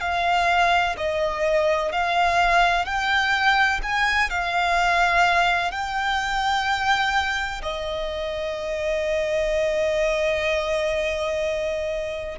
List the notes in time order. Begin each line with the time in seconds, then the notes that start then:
0.00 F5
0.97 D#5
1.92 F5
2.85 G5
3.83 G#5
4.30 F5
5.71 G5
7.62 D#5